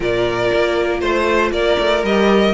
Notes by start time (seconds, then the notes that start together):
0.00 A#2 F4 A#4 D5
0.53 A#3
1.00 A3 C5
1.51 A#3 A#4 D5
1.79 A3
2.03 G3 G4 D#5